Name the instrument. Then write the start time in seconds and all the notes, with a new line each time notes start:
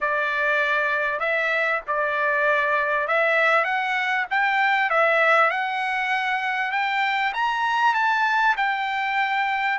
trumpet
0.00 D5
1.19 E5
1.87 D5
3.07 E5
3.64 F#5
4.30 G5
4.90 E5
5.50 F#5
6.71 G5
7.33 A#5
7.94 A5
8.57 G5